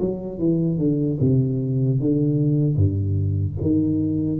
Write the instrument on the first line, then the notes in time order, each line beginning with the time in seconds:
tuba
0.00 F#3
0.38 E3
0.78 D3
1.20 C3
2.00 D3
2.76 G2
3.61 D#3